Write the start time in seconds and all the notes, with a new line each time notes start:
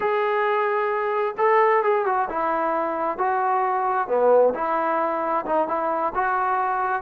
0.00 G#4
1.37 A4
1.83 G#4
2.05 F#4
2.29 E4
3.18 F#4
4.08 B3
4.54 E4
5.45 D#4
5.67 E4
6.14 F#4